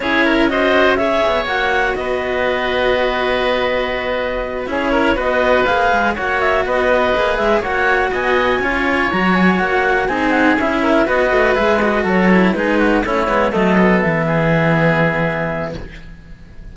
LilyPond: <<
  \new Staff \with { instrumentName = "clarinet" } { \time 4/4 \tempo 4 = 122 cis''4 dis''4 e''4 fis''4 | dis''1~ | dis''4. cis''4 dis''4 f''8~ | f''8 fis''8 e''8 dis''4. e''8 fis''8~ |
fis''8 gis''2 ais''8 gis''8 fis''8~ | fis''8 gis''8 fis''8 e''4 dis''4 e''8 | dis''8 cis''4 b'4 cis''4 dis''8~ | dis''8 e''2.~ e''8 | }
  \new Staff \with { instrumentName = "oboe" } { \time 4/4 gis'8 ais'8 c''4 cis''2 | b'1~ | b'4. gis'8 ais'8 b'4.~ | b'8 cis''4 b'2 cis''8~ |
cis''8 dis''4 cis''2~ cis''8~ | cis''8 gis'4. ais'8 b'4.~ | b'8 a'4 gis'8 fis'8 e'4 a'8~ | a'4 gis'2. | }
  \new Staff \with { instrumentName = "cello" } { \time 4/4 e'4 fis'4 gis'4 fis'4~ | fis'1~ | fis'4. e'4 fis'4 gis'8~ | gis'8 fis'2 gis'4 fis'8~ |
fis'4. f'4 fis'4.~ | fis'8 dis'4 e'4 fis'4 gis'8 | fis'4 e'8 dis'4 cis'8 b8 a8 | b1 | }
  \new Staff \with { instrumentName = "cello" } { \time 4/4 cis'2~ cis'8 b8 ais4 | b1~ | b4. cis'4 b4 ais8 | gis8 ais4 b4 ais8 gis8 ais8~ |
ais8 b4 cis'4 fis4 ais8~ | ais8 c'4 cis'4 b8 a8 gis8~ | gis8 fis4 gis4 a8 gis8 fis8~ | fis8 e2.~ e8 | }
>>